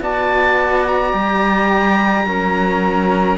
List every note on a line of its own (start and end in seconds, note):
0.00 1.13 B3
0.00 1.13 F#4
0.00 2.26 D5
0.00 0.87 A5
0.87 3.37 A#5
1.13 2.24 G3
1.13 2.27 G4
2.24 3.37 F#3
2.24 3.37 C#4
2.24 3.37 A#4